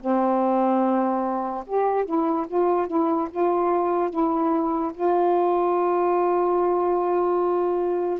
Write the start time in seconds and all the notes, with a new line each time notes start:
0.00 C4
1.66 G4
2.05 E4
2.47 F4
2.87 E4
3.30 F4
4.10 E4
4.94 F4